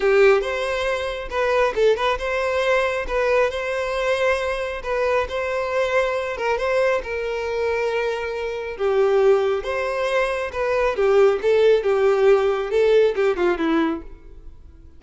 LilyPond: \new Staff \with { instrumentName = "violin" } { \time 4/4 \tempo 4 = 137 g'4 c''2 b'4 | a'8 b'8 c''2 b'4 | c''2. b'4 | c''2~ c''8 ais'8 c''4 |
ais'1 | g'2 c''2 | b'4 g'4 a'4 g'4~ | g'4 a'4 g'8 f'8 e'4 | }